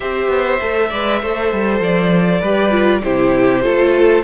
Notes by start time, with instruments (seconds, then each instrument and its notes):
0.00 cello C4, viola G4, violin C5 E5
0.28 cello B3
0.61 cello A3, viola A4
0.89 cello G#3, viola B4, violin D5
1.21 cello A3, viola A4, violin C5
1.52 cello G3
1.80 cello F3, violin D5
2.40 cello G3, viola G4, violin B4
2.71 viola F4
3.03 cello C3, viola E4, violin G4 C5
3.62 cello A3, viola F4, violin A4